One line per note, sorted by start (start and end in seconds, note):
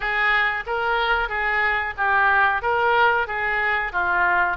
0.00 0.63 G#4
0.66 1.28 A#4
1.28 1.94 G#4
1.97 2.62 G4
2.62 3.27 A#4
3.27 3.92 G#4
3.92 4.57 F4